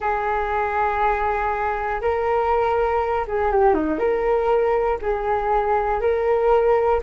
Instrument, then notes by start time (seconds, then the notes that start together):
flute
0.00 G#4
2.01 A#4
3.27 G#4
3.51 G4
3.73 D#4
3.98 A#4
5.01 G#4
6.00 A#4